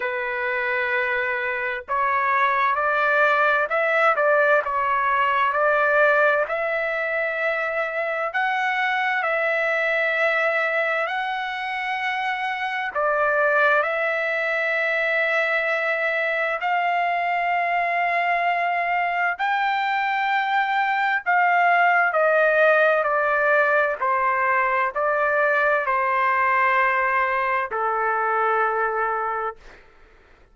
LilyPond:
\new Staff \with { instrumentName = "trumpet" } { \time 4/4 \tempo 4 = 65 b'2 cis''4 d''4 | e''8 d''8 cis''4 d''4 e''4~ | e''4 fis''4 e''2 | fis''2 d''4 e''4~ |
e''2 f''2~ | f''4 g''2 f''4 | dis''4 d''4 c''4 d''4 | c''2 a'2 | }